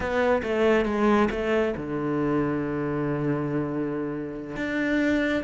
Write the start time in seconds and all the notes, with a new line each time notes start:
0.00 B3
0.42 A3
0.85 G#3
1.30 A3
1.76 D3
4.56 D4